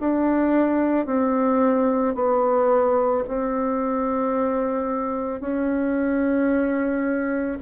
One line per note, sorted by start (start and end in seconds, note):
0.00 1.06 D4
1.06 2.15 C4
2.15 3.24 B3
3.27 5.40 C4
5.40 7.58 C#4